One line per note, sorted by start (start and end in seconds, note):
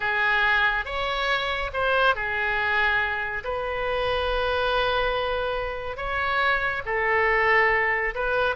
0.00 0.85 G#4
0.85 1.70 C#5
1.73 2.15 C5
2.15 3.43 G#4
3.44 5.96 B4
5.96 6.82 C#5
6.85 8.14 A4
8.14 8.55 B4